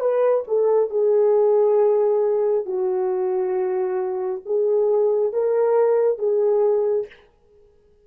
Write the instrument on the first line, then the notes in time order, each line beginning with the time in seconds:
horn
0.00 B4
0.47 A4
0.90 G#4
2.66 F#4
4.46 G#4
5.33 A#4
6.18 G#4